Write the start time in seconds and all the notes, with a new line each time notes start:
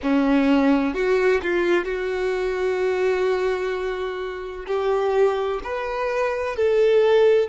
0.03 C#4
0.94 F#4
1.42 F4
1.85 F#4
4.66 G4
5.63 B4
6.56 A4